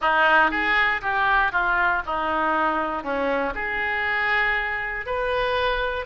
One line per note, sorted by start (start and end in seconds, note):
0.01 0.50 D#4
0.50 1.01 G#4
1.01 1.51 G4
1.51 2.02 F4
2.06 3.03 D#4
3.03 3.53 C#4
3.55 5.06 G#4
5.06 6.05 B4